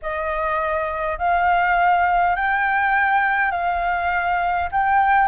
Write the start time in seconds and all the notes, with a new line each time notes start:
0.02 D#5
1.18 F5
2.35 G5
3.51 F5
4.71 G5